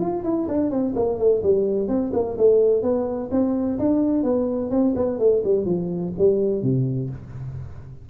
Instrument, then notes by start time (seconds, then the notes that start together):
tuba
0.00 F4
0.24 E4
0.49 D4
0.71 C4
0.96 A#3
1.19 A3
1.43 G3
1.89 C4
2.14 A#3
2.38 A3
2.83 B3
3.32 C4
3.79 D4
4.24 B3
4.71 C4
4.96 B3
5.19 A3
5.44 G3
5.66 F3
6.19 G3
6.63 C3